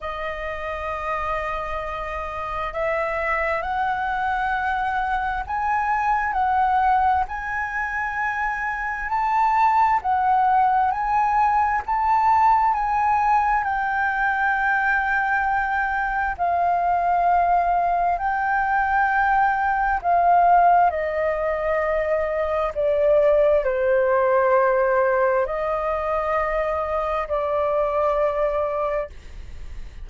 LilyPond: \new Staff \with { instrumentName = "flute" } { \time 4/4 \tempo 4 = 66 dis''2. e''4 | fis''2 gis''4 fis''4 | gis''2 a''4 fis''4 | gis''4 a''4 gis''4 g''4~ |
g''2 f''2 | g''2 f''4 dis''4~ | dis''4 d''4 c''2 | dis''2 d''2 | }